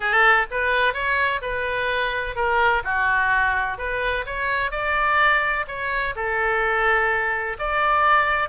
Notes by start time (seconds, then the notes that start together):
0.00 A4
0.50 B4
0.93 C#5
1.41 B4
2.35 A#4
2.83 F#4
3.78 B4
4.26 C#5
4.71 D5
5.67 C#5
6.15 A4
7.58 D5